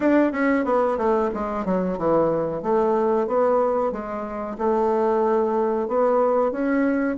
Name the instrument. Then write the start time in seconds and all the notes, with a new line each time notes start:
bassoon
0.00 D4
0.32 C#4
0.65 B3
0.97 A3
1.34 G#3
1.65 F#3
1.97 E3
2.62 A3
3.27 B3
3.92 G#3
4.58 A3
5.88 B3
6.51 C#4